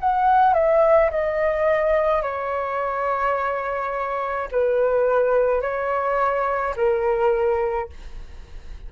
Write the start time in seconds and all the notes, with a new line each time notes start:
0.00 F#5
0.54 E5
1.11 D#5
2.22 C#5
4.51 B4
5.61 C#5
6.76 A#4